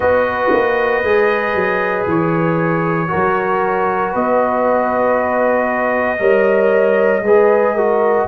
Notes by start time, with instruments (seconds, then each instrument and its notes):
0.00 tuba B3, trombone F#4, horn B4, trumpet D#5
0.53 tuba A#3
1.03 tuba G#3, trombone G#4
1.54 tuba F#3
2.06 tuba E3, trumpet C#5
3.07 trombone F#4, horn A#4
3.14 tuba F#3
4.12 tuba B3, horn B4, trumpet D#5
6.18 tuba G3, trombone A#4, horn C#5
7.20 tuba G#3, trombone G#4, horn B4
7.74 trombone F#4, horn A#4